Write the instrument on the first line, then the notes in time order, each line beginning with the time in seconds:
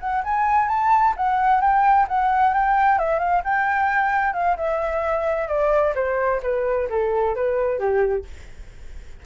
flute
0.00 F#5
0.24 G#5
0.68 A5
1.16 F#5
1.61 G5
2.08 F#5
2.54 G5
2.98 E5
3.19 F5
3.44 G5
4.33 F5
4.56 E5
5.48 D5
5.95 C5
6.42 B4
6.89 A4
7.35 B4
7.79 G4